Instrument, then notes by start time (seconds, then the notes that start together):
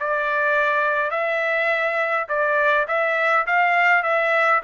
trumpet
0.00 D5
1.11 E5
2.29 D5
2.88 E5
3.47 F5
4.03 E5